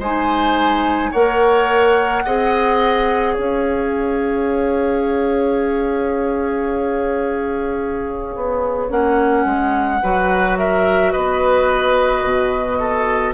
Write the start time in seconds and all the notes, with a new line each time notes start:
0.00 G#3 D#4 C5 G#5
1.12 A#3 A#4 C#5 F#5
2.25 C4 G#4 D#5
3.34 C#4 C#5 F5
8.36 B3
8.90 A#3 C#4 F#5
9.45 G#3
10.03 F#3 F#4 B4
10.58 A#4 E5
11.12 B3 B4 D#5
12.24 B2
12.80 A4